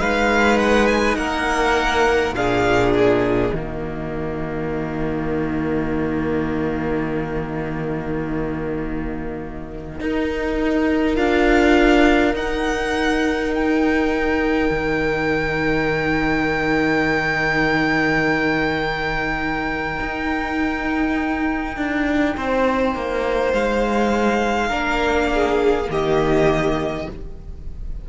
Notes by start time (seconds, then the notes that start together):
0.00 G#3 D#4 B4 F5
0.58 F#5
0.87 G#5
1.16 A#3 A#4 F#5
2.33 A#2 D4 G#4 F5
2.92 D#5
3.54 D#3 A#3 F#4
10.00 D#4 A#4
11.17 D4 F4 F5
12.34 D#4 F#5
13.55 G5
14.71 D#3
20.01 D#4
21.77 D4
22.37 C4 C5
22.96 A#3
23.53 G#3 F5
24.68 A#3 D4 A#4
25.34 G#4
25.84 D#3 A#3
25.90 G4 D#5